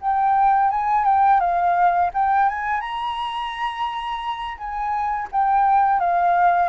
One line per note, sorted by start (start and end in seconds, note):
0.00 0.70 G5
0.70 1.04 G#5
1.04 1.40 G5
1.40 2.10 F5
2.13 2.49 G5
2.49 2.80 G#5
2.80 4.57 A#5
4.57 5.28 G#5
5.31 5.99 G5
5.99 6.69 F5